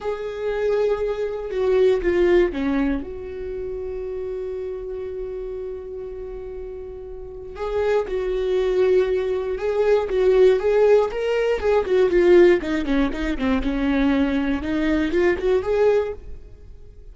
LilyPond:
\new Staff \with { instrumentName = "viola" } { \time 4/4 \tempo 4 = 119 gis'2. fis'4 | f'4 cis'4 fis'2~ | fis'1~ | fis'2. gis'4 |
fis'2. gis'4 | fis'4 gis'4 ais'4 gis'8 fis'8 | f'4 dis'8 cis'8 dis'8 c'8 cis'4~ | cis'4 dis'4 f'8 fis'8 gis'4 | }